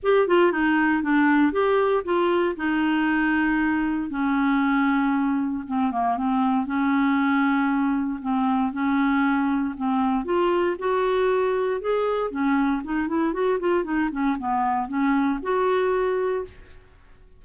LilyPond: \new Staff \with { instrumentName = "clarinet" } { \time 4/4 \tempo 4 = 117 g'8 f'8 dis'4 d'4 g'4 | f'4 dis'2. | cis'2. c'8 ais8 | c'4 cis'2. |
c'4 cis'2 c'4 | f'4 fis'2 gis'4 | cis'4 dis'8 e'8 fis'8 f'8 dis'8 cis'8 | b4 cis'4 fis'2 | }